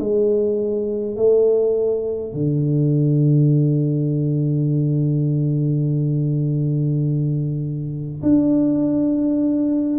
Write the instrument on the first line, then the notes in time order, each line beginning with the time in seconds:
tuba
0.00 G#3
1.16 A3
2.34 D3
8.23 D4